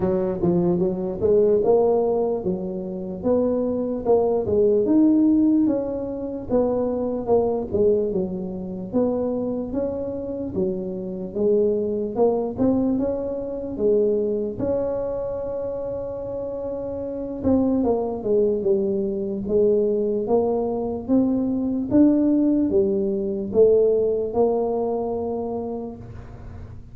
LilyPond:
\new Staff \with { instrumentName = "tuba" } { \time 4/4 \tempo 4 = 74 fis8 f8 fis8 gis8 ais4 fis4 | b4 ais8 gis8 dis'4 cis'4 | b4 ais8 gis8 fis4 b4 | cis'4 fis4 gis4 ais8 c'8 |
cis'4 gis4 cis'2~ | cis'4. c'8 ais8 gis8 g4 | gis4 ais4 c'4 d'4 | g4 a4 ais2 | }